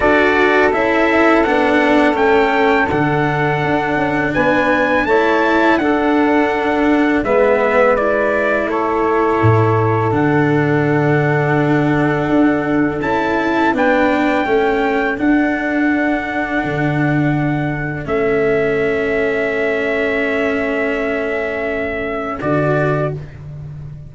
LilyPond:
<<
  \new Staff \with { instrumentName = "trumpet" } { \time 4/4 \tempo 4 = 83 d''4 e''4 fis''4 g''4 | fis''2 gis''4 a''4 | fis''2 e''4 d''4 | cis''2 fis''2~ |
fis''2 a''4 g''4~ | g''4 fis''2.~ | fis''4 e''2.~ | e''2. d''4 | }
  \new Staff \with { instrumentName = "saxophone" } { \time 4/4 a'1~ | a'2 b'4 cis''4 | a'2 b'2 | a'1~ |
a'2. b'4 | a'1~ | a'1~ | a'1 | }
  \new Staff \with { instrumentName = "cello" } { \time 4/4 fis'4 e'4 d'4 cis'4 | d'2. e'4 | d'2 b4 e'4~ | e'2 d'2~ |
d'2 e'4 d'4 | cis'4 d'2.~ | d'4 cis'2.~ | cis'2. fis'4 | }
  \new Staff \with { instrumentName = "tuba" } { \time 4/4 d'4 cis'4 b4 a4 | d4 d'8 cis'8 b4 a4 | d'2 gis2 | a4 a,4 d2~ |
d4 d'4 cis'4 b4 | a4 d'2 d4~ | d4 a2.~ | a2. d4 | }
>>